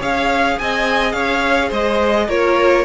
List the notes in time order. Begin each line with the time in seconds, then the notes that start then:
0.00 C#4 G#4 C#5 F5
0.59 C4 D#5 G#5
1.12 C#4 C#5 F5
1.68 G#3 C5 D#5
2.28 A#3 F4 A#4 C#5